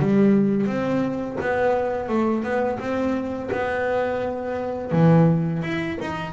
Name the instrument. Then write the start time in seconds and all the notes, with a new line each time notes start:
double bass
0.00 G3
0.67 C4
1.41 B3
2.09 A3
2.44 B3
2.80 C4
3.52 B3
4.93 E3
5.63 E4
6.01 D#4